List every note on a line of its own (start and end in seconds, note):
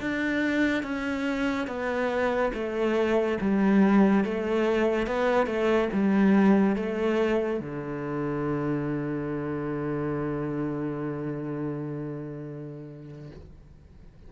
0.00 0.83 D4
0.83 1.67 C#4
1.67 2.51 B3
2.53 3.38 A3
3.40 4.24 G3
4.24 5.06 A3
5.06 5.46 B3
5.46 5.88 A3
5.93 6.75 G3
6.75 7.59 A3
7.59 13.30 D3